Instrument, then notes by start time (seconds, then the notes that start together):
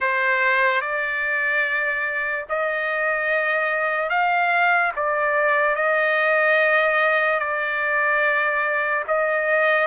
trumpet
0.00 C5
0.81 D5
2.49 D#5
4.09 F5
4.96 D5
5.75 D#5
7.39 D5
9.07 D#5